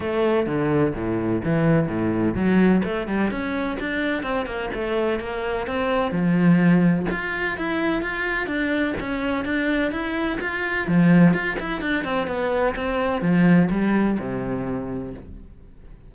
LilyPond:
\new Staff \with { instrumentName = "cello" } { \time 4/4 \tempo 4 = 127 a4 d4 a,4 e4 | a,4 fis4 a8 g8 cis'4 | d'4 c'8 ais8 a4 ais4 | c'4 f2 f'4 |
e'4 f'4 d'4 cis'4 | d'4 e'4 f'4 f4 | f'8 e'8 d'8 c'8 b4 c'4 | f4 g4 c2 | }